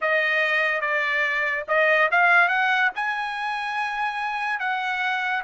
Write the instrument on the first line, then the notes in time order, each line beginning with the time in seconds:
trumpet
0.01 D#5
0.81 D5
1.67 D#5
2.11 F5
2.48 F#5
2.95 G#5
4.59 F#5